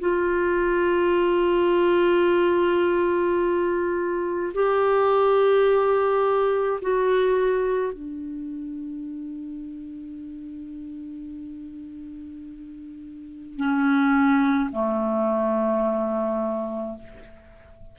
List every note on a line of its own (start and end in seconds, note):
0.00 4.53 F4
4.54 6.80 G4
6.81 7.93 F#4
7.93 13.57 D4
13.57 14.70 C#4
14.72 16.99 A3